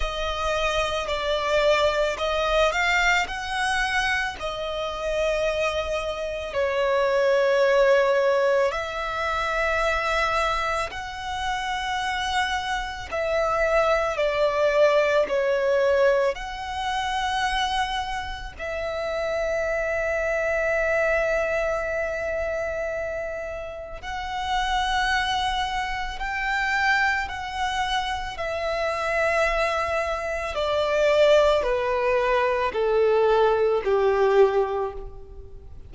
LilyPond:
\new Staff \with { instrumentName = "violin" } { \time 4/4 \tempo 4 = 55 dis''4 d''4 dis''8 f''8 fis''4 | dis''2 cis''2 | e''2 fis''2 | e''4 d''4 cis''4 fis''4~ |
fis''4 e''2.~ | e''2 fis''2 | g''4 fis''4 e''2 | d''4 b'4 a'4 g'4 | }